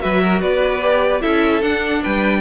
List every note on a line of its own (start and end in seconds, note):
0.00 0.42 F#3
0.00 0.81 F#4
0.00 0.23 B4
0.00 0.42 E5
0.23 0.42 A#4
0.42 1.22 B3
0.42 1.22 B4
0.42 1.22 D5
0.82 1.21 G4
1.21 1.63 C#4
1.21 1.61 E4
1.21 2.03 A4
1.21 1.63 E5
1.63 2.03 D4
1.63 2.41 D4
1.63 2.03 F#5
2.03 2.41 G3
2.03 2.41 B4
2.03 2.41 G5